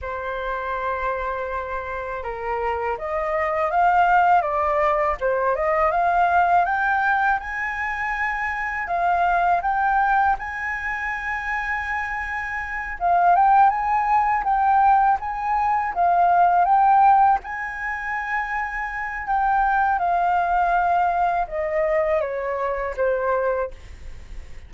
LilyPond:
\new Staff \with { instrumentName = "flute" } { \time 4/4 \tempo 4 = 81 c''2. ais'4 | dis''4 f''4 d''4 c''8 dis''8 | f''4 g''4 gis''2 | f''4 g''4 gis''2~ |
gis''4. f''8 g''8 gis''4 g''8~ | g''8 gis''4 f''4 g''4 gis''8~ | gis''2 g''4 f''4~ | f''4 dis''4 cis''4 c''4 | }